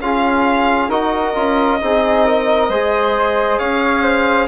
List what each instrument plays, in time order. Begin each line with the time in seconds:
0.00 bassoon C#4, trombone F4, flute G#4, violin F5
0.88 bassoon D#4, trombone F#4, flute A#4, violin D#5
1.35 bassoon C#4, trombone F4
1.80 bassoon C4, trombone D#4, flute G#4
2.25 flute A#4
2.69 bassoon G#3, trombone G#4, flute C5
3.59 bassoon C#4, flute C#5, violin F5
4.02 flute C5